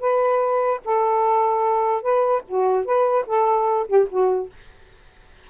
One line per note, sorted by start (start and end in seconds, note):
0.00 0.81 B4
0.85 2.02 A4
2.02 2.43 B4
2.48 2.85 F#4
2.85 3.26 B4
3.27 3.88 A4
3.88 4.08 G4
4.09 4.50 F#4